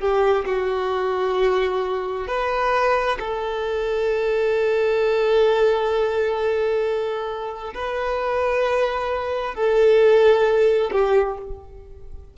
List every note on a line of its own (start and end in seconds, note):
0.00 0.45 G4
0.46 2.28 F#4
2.28 3.19 B4
3.19 7.74 A4
7.74 9.55 B4
9.55 10.91 A4
10.92 11.38 G4